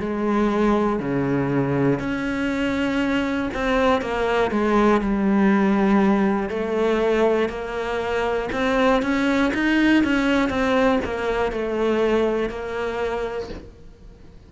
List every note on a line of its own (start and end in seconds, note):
0.00 1.00 G#3
1.00 2.00 C#3
2.00 3.50 C#4
3.54 4.02 C4
4.02 4.52 A#3
4.52 5.02 G#3
5.02 6.50 G3
6.50 7.50 A3
7.50 8.50 A#3
8.53 9.02 C4
9.02 9.52 C#4
9.54 10.04 D#4
10.04 10.50 C#4
10.50 11.00 C4
11.05 11.52 A#3
11.52 12.50 A3
12.50 13.50 A#3